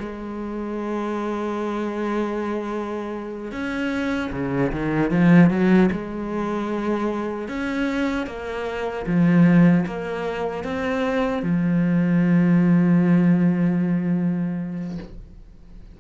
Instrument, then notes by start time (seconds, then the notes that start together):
cello
0.00 G#3
3.52 C#4
4.32 C#3
4.72 D#3
5.11 F3
5.51 F#3
5.92 G#3
7.49 C#4
8.27 A#3
9.07 F3
9.87 A#3
10.64 C4
11.43 F3